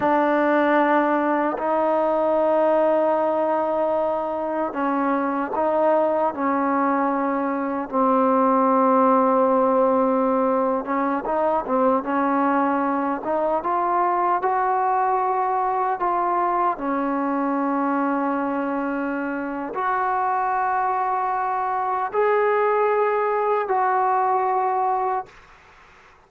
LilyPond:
\new Staff \with { instrumentName = "trombone" } { \time 4/4 \tempo 4 = 76 d'2 dis'2~ | dis'2 cis'4 dis'4 | cis'2 c'2~ | c'4.~ c'16 cis'8 dis'8 c'8 cis'8.~ |
cis'8. dis'8 f'4 fis'4.~ fis'16~ | fis'16 f'4 cis'2~ cis'8.~ | cis'4 fis'2. | gis'2 fis'2 | }